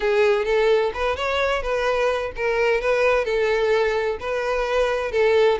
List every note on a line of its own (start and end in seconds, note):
0.00 0.45 G#4
0.45 0.91 A4
0.94 1.16 B4
1.16 1.62 C#5
1.62 2.32 B4
2.36 2.80 A#4
2.80 3.24 B4
3.24 4.17 A4
4.20 5.11 B4
5.11 5.58 A4